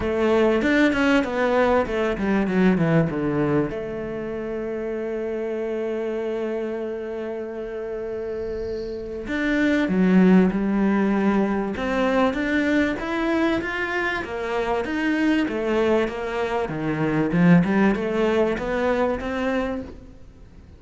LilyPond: \new Staff \with { instrumentName = "cello" } { \time 4/4 \tempo 4 = 97 a4 d'8 cis'8 b4 a8 g8 | fis8 e8 d4 a2~ | a1~ | a2. d'4 |
fis4 g2 c'4 | d'4 e'4 f'4 ais4 | dis'4 a4 ais4 dis4 | f8 g8 a4 b4 c'4 | }